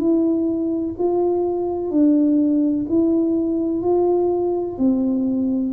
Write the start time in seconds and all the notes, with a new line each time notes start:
0.00 E4
0.99 F4
1.91 D4
2.89 E4
3.82 F4
4.78 C4